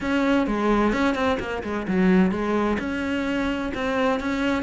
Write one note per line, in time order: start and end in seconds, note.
0.00 0.46 C#4
0.46 0.92 G#3
0.92 1.15 C#4
1.15 1.38 C4
1.39 1.62 A#3
1.63 1.86 G#3
1.87 2.31 F#3
2.31 2.77 G#3
2.79 3.72 C#4
3.74 4.20 C4
4.20 4.62 C#4